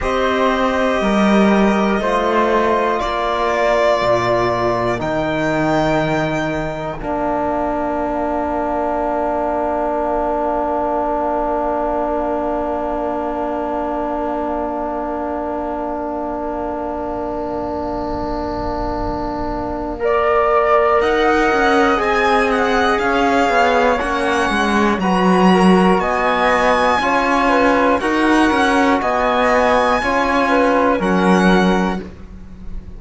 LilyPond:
<<
  \new Staff \with { instrumentName = "violin" } { \time 4/4 \tempo 4 = 60 dis''2. d''4~ | d''4 g''2 f''4~ | f''1~ | f''1~ |
f''1~ | f''4 fis''4 gis''8 fis''8 f''4 | fis''4 ais''4 gis''2 | fis''4 gis''2 fis''4 | }
  \new Staff \with { instrumentName = "flute" } { \time 4/4 c''4 ais'4 c''4 ais'4~ | ais'1~ | ais'1~ | ais'1~ |
ais'1 | d''4 dis''2 cis''4~ | cis''4 b'8 ais'8 dis''4 cis''8 b'8 | ais'4 dis''4 cis''8 b'8 ais'4 | }
  \new Staff \with { instrumentName = "trombone" } { \time 4/4 g'2 f'2~ | f'4 dis'2 d'4~ | d'1~ | d'1~ |
d'1 | ais'2 gis'2 | cis'4 fis'2 f'4 | fis'2 f'4 cis'4 | }
  \new Staff \with { instrumentName = "cello" } { \time 4/4 c'4 g4 a4 ais4 | ais,4 dis2 ais4~ | ais1~ | ais1~ |
ais1~ | ais4 dis'8 cis'8 c'4 cis'8 b8 | ais8 gis8 fis4 b4 cis'4 | dis'8 cis'8 b4 cis'4 fis4 | }
>>